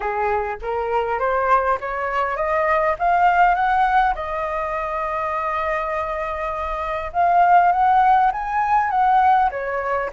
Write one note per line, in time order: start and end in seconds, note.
0.00 0.56 G#4
0.62 1.19 A#4
1.19 1.78 C5
1.80 2.36 C#5
2.36 2.95 D#5
2.98 3.54 F5
3.54 4.14 F#5
4.14 7.11 D#5
7.13 7.71 F5
7.71 8.31 F#5
8.32 8.90 G#5
8.90 9.49 F#5
9.50 10.10 C#5